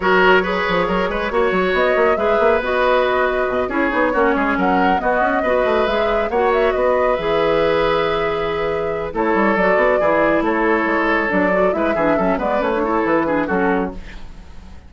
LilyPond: <<
  \new Staff \with { instrumentName = "flute" } { \time 4/4 \tempo 4 = 138 cis''1 | dis''4 e''4 dis''2~ | dis''8 cis''2 fis''4 dis''8~ | dis''4. e''4 fis''8 e''8 dis''8~ |
dis''8 e''2.~ e''8~ | e''4 cis''4 d''2 | cis''2 d''4 e''4~ | e''8 d''8 cis''4 b'4 a'4 | }
  \new Staff \with { instrumentName = "oboe" } { \time 4/4 ais'4 b'4 ais'8 b'8 cis''4~ | cis''4 b'2.~ | b'8 gis'4 fis'8 gis'8 ais'4 fis'8~ | fis'8 b'2 cis''4 b'8~ |
b'1~ | b'4 a'2 gis'4 | a'2. b'8 gis'8 | a'8 b'4 a'4 gis'8 fis'4 | }
  \new Staff \with { instrumentName = "clarinet" } { \time 4/4 fis'4 gis'2 fis'4~ | fis'4 gis'4 fis'2~ | fis'8 e'8 dis'8 cis'2 b8~ | b8 fis'4 gis'4 fis'4.~ |
fis'8 gis'2.~ gis'8~ | gis'4 e'4 fis'4 e'4~ | e'2 d'8 fis'8 e'8 d'8 | cis'8 b8 cis'16 d'16 e'4 d'8 cis'4 | }
  \new Staff \with { instrumentName = "bassoon" } { \time 4/4 fis4. f8 fis8 gis8 ais8 fis8 | b8 ais8 gis8 ais8 b2 | b,8 cis'8 b8 ais8 gis8 fis4 b8 | cis'8 b8 a8 gis4 ais4 b8~ |
b8 e2.~ e8~ | e4 a8 g8 fis8 b8 e4 | a4 gis4 fis4 gis8 e8 | fis8 gis8 a4 e4 fis4 | }
>>